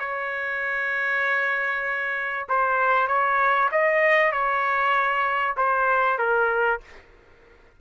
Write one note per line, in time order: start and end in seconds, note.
0.00 2.47 C#5
2.49 3.08 C5
3.08 3.70 C#5
3.72 4.32 D#5
4.32 5.56 C#5
5.57 6.19 C5
6.19 6.81 A#4